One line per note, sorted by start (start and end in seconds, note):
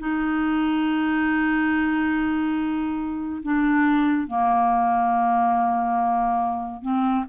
0.00 3.43 D#4
3.43 4.28 D4
4.28 6.83 A#3
6.83 7.25 C4